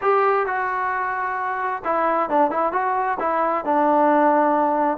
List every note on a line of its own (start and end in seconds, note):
0.01 0.46 G4
0.46 1.82 F#4
1.84 2.29 E4
2.29 2.51 D4
2.51 2.72 E4
2.72 3.17 F#4
3.19 3.64 E4
3.64 4.97 D4